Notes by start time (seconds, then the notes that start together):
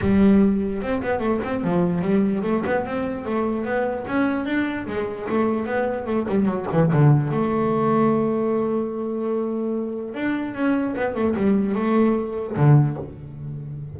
0.01 G3
0.81 C4
1.02 B3
1.19 A3
1.43 C4
1.63 F3
2.01 G3
2.43 A3
2.66 B3
2.85 C4
3.25 A3
3.64 B3
4.07 C#4
4.45 D4
4.86 G#3
5.29 A3
5.66 B3
6.06 A3
6.28 G3
6.45 F#3
6.71 E3
6.92 D3
7.31 A3
10.14 D4
10.54 C#4
10.96 B3
11.14 A3
11.36 G3
11.75 A3
12.56 D3